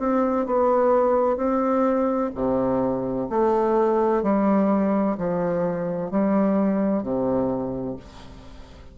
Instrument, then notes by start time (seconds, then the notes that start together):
bassoon
0.00 C4
0.46 B3
1.37 C4
2.35 C3
3.30 A3
4.24 G3
5.18 F3
6.12 G3
7.03 C3